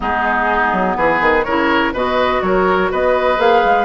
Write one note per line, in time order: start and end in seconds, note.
0.00 0.72 G#3
0.00 1.45 B3
0.00 0.97 D#4
0.00 0.95 G#4
0.72 0.96 F#3
0.95 1.21 E3
0.95 1.44 G#4
0.95 1.43 B4
1.21 1.45 D#3
1.43 1.93 C#3
1.43 1.94 E4
1.43 1.93 A#4
1.43 1.91 C#5
1.93 2.41 B2
1.93 3.37 F#4
1.93 2.41 B4
1.93 2.42 D#5
2.41 2.90 F#3
2.41 2.91 A#4
2.41 2.90 C#5
2.91 3.38 B3
2.91 3.85 B4
2.91 3.40 D#5
3.37 3.62 A#3
3.37 3.85 G#4
3.37 3.85 F5
3.64 3.85 G#3